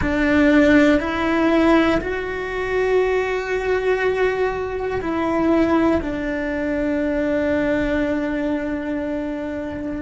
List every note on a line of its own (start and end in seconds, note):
0.01 1.00 D4
1.00 2.00 E4
2.00 5.00 F#4
5.01 6.01 E4
6.01 10.01 D4